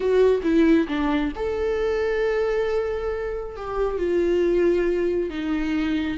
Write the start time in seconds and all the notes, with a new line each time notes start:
0.00 F#4
0.43 E4
0.88 D4
1.35 A4
3.56 G4
3.97 F4
5.30 D#4